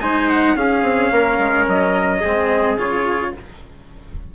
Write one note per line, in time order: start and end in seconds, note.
0.00 0.55 G#3
0.00 0.56 D#4
0.00 0.58 C5
0.00 0.28 G#5
0.29 0.57 F#5
0.55 0.82 C#4
0.55 2.23 C#4
0.55 1.13 G#4
0.55 1.68 F5
0.82 1.10 C4
1.11 1.38 A#3
1.11 2.20 A#4
1.38 1.66 G#3
1.67 2.22 F#3
1.67 2.79 D#5
2.20 2.78 G#3
2.20 2.77 C4
2.20 3.31 G#4
2.77 3.33 C#3
2.77 3.33 F4
2.77 3.34 C#5